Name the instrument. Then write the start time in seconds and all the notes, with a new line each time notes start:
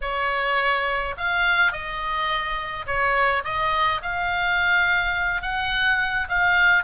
oboe
0.01 C#5
1.17 F5
1.71 D#5
2.86 C#5
3.44 D#5
4.02 F5
5.42 F#5
6.29 F5